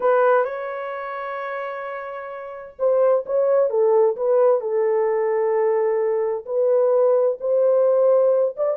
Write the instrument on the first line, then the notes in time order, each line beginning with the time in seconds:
horn
0.00 B4
0.44 C#5
2.78 C5
3.26 C#5
3.69 A4
4.16 B4
4.60 A4
6.45 B4
7.40 C5
8.56 D5